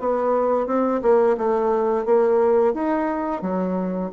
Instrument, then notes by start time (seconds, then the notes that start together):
bassoon
0.00 B3
0.67 C4
1.03 A#3
1.38 A3
2.06 A#3
2.74 D#4
3.42 F#3